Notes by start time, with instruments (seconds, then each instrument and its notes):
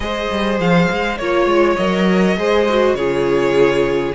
0.00 cello G#3, viola G#4, violin C5 D#5
0.30 cello G3
0.59 cello F3, violin F5
0.91 cello G#3
1.17 cello A#3, viola F4, violin C#5
1.45 cello G#3
1.76 cello F#3, viola A#4, violin D#5
2.37 cello G#3, viola G#4, violin C5
2.69 viola F#4
2.93 cello C#3, viola F4, violin G#4 C#5